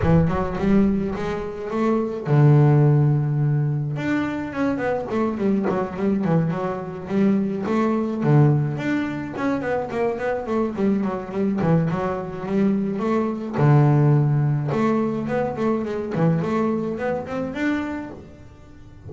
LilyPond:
\new Staff \with { instrumentName = "double bass" } { \time 4/4 \tempo 4 = 106 e8 fis8 g4 gis4 a4 | d2. d'4 | cis'8 b8 a8 g8 fis8 g8 e8 fis8~ | fis8 g4 a4 d4 d'8~ |
d'8 cis'8 b8 ais8 b8 a8 g8 fis8 | g8 e8 fis4 g4 a4 | d2 a4 b8 a8 | gis8 e8 a4 b8 c'8 d'4 | }